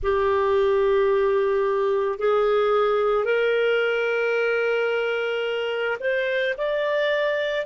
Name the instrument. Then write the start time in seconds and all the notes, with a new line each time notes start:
clarinet
0.02 G4
2.18 G#4
3.24 A#4
6.00 C5
6.57 D5